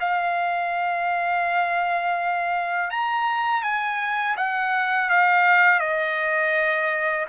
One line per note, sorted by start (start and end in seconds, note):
0.00 2.90 F5
2.90 3.63 A#5
3.63 4.36 G#5
4.37 5.10 F#5
5.10 5.80 F5
5.80 7.26 D#5